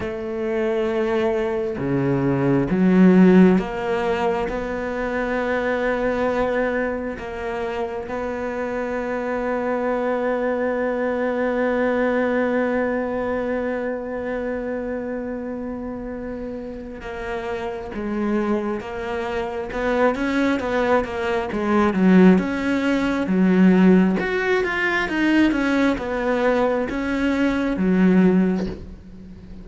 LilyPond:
\new Staff \with { instrumentName = "cello" } { \time 4/4 \tempo 4 = 67 a2 cis4 fis4 | ais4 b2. | ais4 b2.~ | b1~ |
b2. ais4 | gis4 ais4 b8 cis'8 b8 ais8 | gis8 fis8 cis'4 fis4 fis'8 f'8 | dis'8 cis'8 b4 cis'4 fis4 | }